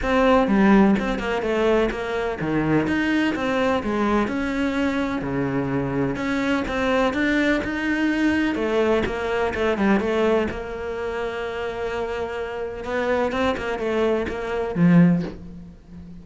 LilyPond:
\new Staff \with { instrumentName = "cello" } { \time 4/4 \tempo 4 = 126 c'4 g4 c'8 ais8 a4 | ais4 dis4 dis'4 c'4 | gis4 cis'2 cis4~ | cis4 cis'4 c'4 d'4 |
dis'2 a4 ais4 | a8 g8 a4 ais2~ | ais2. b4 | c'8 ais8 a4 ais4 f4 | }